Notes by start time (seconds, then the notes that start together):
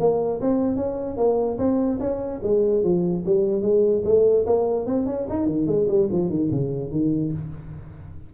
0.00 A#3
0.41 C4
0.77 C#4
1.17 A#3
1.58 C4
2.00 C#4
2.43 G#3
2.84 F3
3.26 G3
3.62 G#3
4.05 A3
4.47 A#3
4.86 C4
5.06 C#4
5.30 D#4
5.47 D#3
5.67 G#3
5.88 G3
6.12 F3
6.30 D#3
6.52 C#3
6.92 D#3